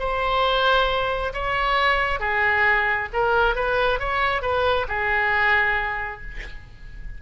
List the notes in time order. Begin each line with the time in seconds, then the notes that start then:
0.00 C5
1.34 C#5
2.20 G#4
3.13 A#4
3.56 B4
4.00 C#5
4.42 B4
4.89 G#4